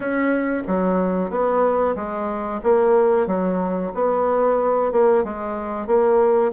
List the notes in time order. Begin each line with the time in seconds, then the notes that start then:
0.00 C#4
0.67 F#3
1.30 B3
1.95 G#3
2.63 A#3
3.26 F#3
3.94 B3
4.92 A#3
5.24 G#3
5.86 A#3